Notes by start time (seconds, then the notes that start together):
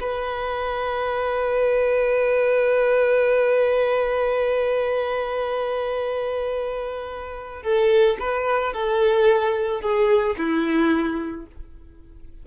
0.00 B4
7.62 A4
8.19 B4
8.73 A4
9.81 G#4
10.37 E4